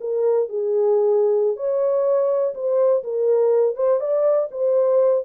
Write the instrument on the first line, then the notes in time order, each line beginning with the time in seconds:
horn
0.00 A#4
0.49 G#4
1.56 C#5
2.54 C5
3.04 A#4
3.75 C5
4.00 D5
4.51 C5